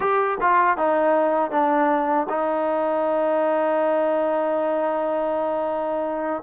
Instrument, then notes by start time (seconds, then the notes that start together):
trombone
0.00 G4
0.40 F4
0.77 D#4
1.51 D4
2.29 D#4